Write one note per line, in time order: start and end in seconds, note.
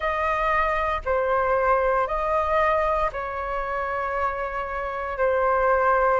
0.00 1.01 D#5
1.05 2.07 C5
2.07 3.10 D#5
3.12 5.18 C#5
5.18 6.20 C5